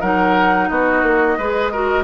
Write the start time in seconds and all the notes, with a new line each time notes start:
0.00 F#3 D#4 A#4 F#5
0.69 B3 F#4 D#5
1.03 A#3
1.38 G#3 G#4 B4
1.72 F#4 A#4